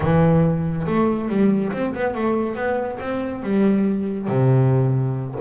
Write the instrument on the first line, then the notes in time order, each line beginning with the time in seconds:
double bass
0.00 E3
0.86 A3
1.28 G3
1.72 C4
1.94 B3
2.14 A3
2.55 B3
2.99 C4
3.42 G3
4.28 C3